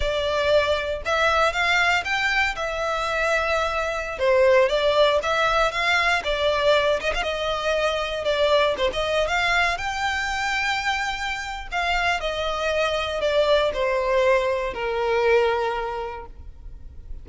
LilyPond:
\new Staff \with { instrumentName = "violin" } { \time 4/4 \tempo 4 = 118 d''2 e''4 f''4 | g''4 e''2.~ | e''16 c''4 d''4 e''4 f''8.~ | f''16 d''4. dis''16 f''16 dis''4.~ dis''16~ |
dis''16 d''4 c''16 dis''8. f''4 g''8.~ | g''2. f''4 | dis''2 d''4 c''4~ | c''4 ais'2. | }